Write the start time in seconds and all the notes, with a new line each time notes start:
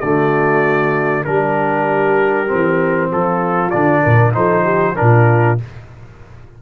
0.00 D3 A3 F#4 D5
1.24 G3 D4 G4 A#4
2.47 C4
2.53 E3
3.11 F3 F4 A4
3.70 D3 D4 D5
4.02 A#2 A#4
4.32 F3 D#4 A4 C5
4.64 G4
4.96 A#2 D4 F4 A#4